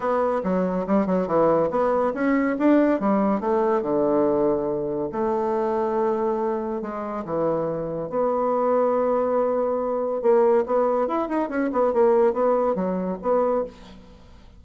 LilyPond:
\new Staff \with { instrumentName = "bassoon" } { \time 4/4 \tempo 4 = 141 b4 fis4 g8 fis8 e4 | b4 cis'4 d'4 g4 | a4 d2. | a1 |
gis4 e2 b4~ | b1 | ais4 b4 e'8 dis'8 cis'8 b8 | ais4 b4 fis4 b4 | }